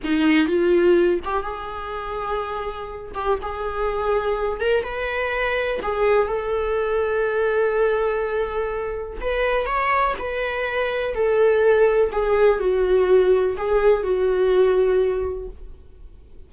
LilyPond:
\new Staff \with { instrumentName = "viola" } { \time 4/4 \tempo 4 = 124 dis'4 f'4. g'8 gis'4~ | gis'2~ gis'8 g'8 gis'4~ | gis'4. ais'8 b'2 | gis'4 a'2.~ |
a'2. b'4 | cis''4 b'2 a'4~ | a'4 gis'4 fis'2 | gis'4 fis'2. | }